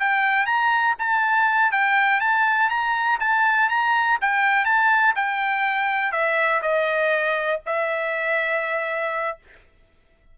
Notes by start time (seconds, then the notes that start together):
0.00 G5
0.46 A#5
0.99 A5
1.72 G5
2.21 A5
2.70 A#5
3.21 A5
3.70 A#5
4.22 G5
4.65 A5
5.16 G5
6.13 E5
6.63 D#5
7.67 E5